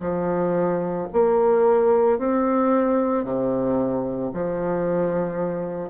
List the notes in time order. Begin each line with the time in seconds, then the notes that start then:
0.00 F3
1.13 A#3
2.18 C4
3.24 C3
4.33 F3